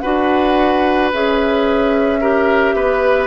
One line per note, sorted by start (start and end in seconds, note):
0.00 1.13 D4
0.00 1.12 F#4
0.00 2.20 B4
0.00 1.09 F#5
1.13 2.75 C#4
1.13 2.21 G#4
1.13 3.27 E5
2.21 3.27 G4
2.21 2.75 A#4
2.75 3.27 B3
2.75 3.27 B4